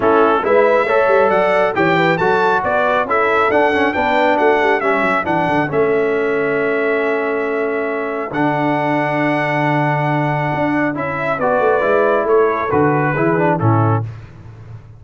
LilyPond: <<
  \new Staff \with { instrumentName = "trumpet" } { \time 4/4 \tempo 4 = 137 a'4 e''2 fis''4 | g''4 a''4 d''4 e''4 | fis''4 g''4 fis''4 e''4 | fis''4 e''2.~ |
e''2. fis''4~ | fis''1~ | fis''4 e''4 d''2 | cis''4 b'2 a'4 | }
  \new Staff \with { instrumentName = "horn" } { \time 4/4 e'4 b'4 cis''4 d''4 | cis''8 b'8 a'4 b'4 a'4~ | a'4 b'4 fis'8 g'8 a'4~ | a'1~ |
a'1~ | a'1~ | a'2 b'2 | a'2 gis'4 e'4 | }
  \new Staff \with { instrumentName = "trombone" } { \time 4/4 cis'4 e'4 a'2 | g'4 fis'2 e'4 | d'8 cis'8 d'2 cis'4 | d'4 cis'2.~ |
cis'2. d'4~ | d'1~ | d'4 e'4 fis'4 e'4~ | e'4 fis'4 e'8 d'8 cis'4 | }
  \new Staff \with { instrumentName = "tuba" } { \time 4/4 a4 gis4 a8 g8 fis4 | e4 fis4 b4 cis'4 | d'4 b4 a4 g8 fis8 | e8 d8 a2.~ |
a2. d4~ | d1 | d'4 cis'4 b8 a8 gis4 | a4 d4 e4 a,4 | }
>>